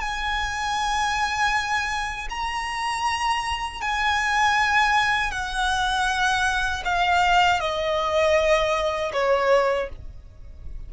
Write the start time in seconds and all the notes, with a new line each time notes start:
0.00 G#5
2.30 A#5
3.81 G#5
5.31 F#5
6.85 F5
7.60 D#5
9.13 C#5